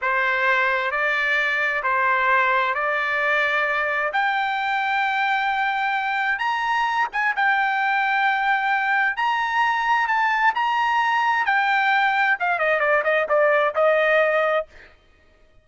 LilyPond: \new Staff \with { instrumentName = "trumpet" } { \time 4/4 \tempo 4 = 131 c''2 d''2 | c''2 d''2~ | d''4 g''2.~ | g''2 ais''4. gis''8 |
g''1 | ais''2 a''4 ais''4~ | ais''4 g''2 f''8 dis''8 | d''8 dis''8 d''4 dis''2 | }